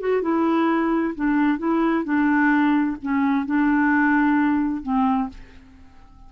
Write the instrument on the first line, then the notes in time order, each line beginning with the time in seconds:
clarinet
0.00 F#4
0.22 E4
1.15 D4
1.59 E4
2.05 D4
3.03 C#4
3.46 D4
4.83 C4